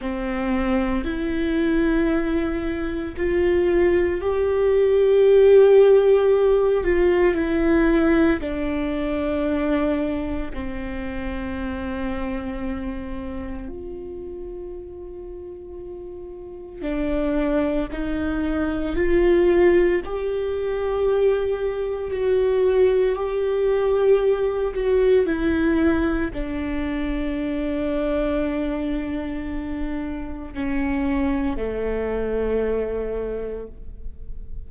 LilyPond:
\new Staff \with { instrumentName = "viola" } { \time 4/4 \tempo 4 = 57 c'4 e'2 f'4 | g'2~ g'8 f'8 e'4 | d'2 c'2~ | c'4 f'2. |
d'4 dis'4 f'4 g'4~ | g'4 fis'4 g'4. fis'8 | e'4 d'2.~ | d'4 cis'4 a2 | }